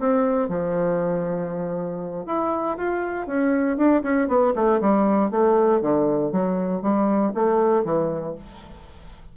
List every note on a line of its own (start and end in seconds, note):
0.00 0.49 C4
0.49 2.27 F3
2.27 2.78 E4
2.78 3.27 F4
3.27 3.78 C#4
3.78 4.03 D4
4.03 4.29 C#4
4.29 4.54 B3
4.56 4.81 A3
4.81 5.31 G3
5.31 5.82 A3
5.82 6.33 D3
6.33 6.83 F#3
6.83 7.33 G3
7.35 7.85 A3
7.85 8.36 E3